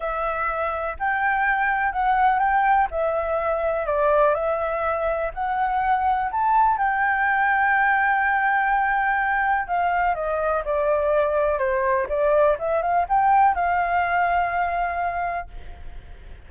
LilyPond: \new Staff \with { instrumentName = "flute" } { \time 4/4 \tempo 4 = 124 e''2 g''2 | fis''4 g''4 e''2 | d''4 e''2 fis''4~ | fis''4 a''4 g''2~ |
g''1 | f''4 dis''4 d''2 | c''4 d''4 e''8 f''8 g''4 | f''1 | }